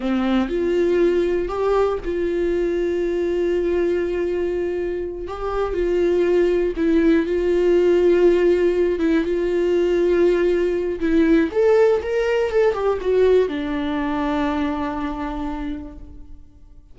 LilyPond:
\new Staff \with { instrumentName = "viola" } { \time 4/4 \tempo 4 = 120 c'4 f'2 g'4 | f'1~ | f'2~ f'8 g'4 f'8~ | f'4. e'4 f'4.~ |
f'2 e'8 f'4.~ | f'2 e'4 a'4 | ais'4 a'8 g'8 fis'4 d'4~ | d'1 | }